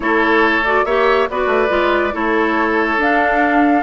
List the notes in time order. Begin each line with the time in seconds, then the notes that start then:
0.00 A3 E4 A4 C#5
0.64 F#4 D5
0.84 A#3 G4 C#5 E5
1.30 B3 F#4 B4 D5
1.47 A3
1.68 G#3 F4
2.12 A3 E4 A4 C#5
2.97 D4 F5